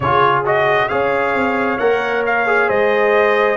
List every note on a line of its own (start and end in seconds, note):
0.00 0.86 C#3
0.00 0.45 F4
0.00 0.89 G#4
0.00 0.42 C#5
0.45 0.89 F#4
0.45 0.88 D#5
0.88 1.34 C#4
0.88 1.78 G#4
0.88 2.68 C#5
0.88 1.77 F5
1.34 1.79 C4
1.78 2.69 A#3
1.78 2.46 A#4
1.78 2.23 F#5
2.26 2.69 F5
2.46 3.56 G#4
2.68 3.56 G#3
2.68 3.56 C5
2.68 3.56 D#5